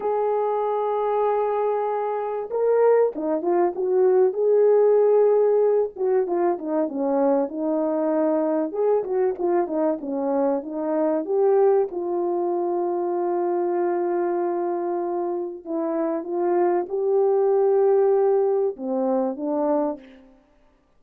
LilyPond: \new Staff \with { instrumentName = "horn" } { \time 4/4 \tempo 4 = 96 gis'1 | ais'4 dis'8 f'8 fis'4 gis'4~ | gis'4. fis'8 f'8 dis'8 cis'4 | dis'2 gis'8 fis'8 f'8 dis'8 |
cis'4 dis'4 g'4 f'4~ | f'1~ | f'4 e'4 f'4 g'4~ | g'2 c'4 d'4 | }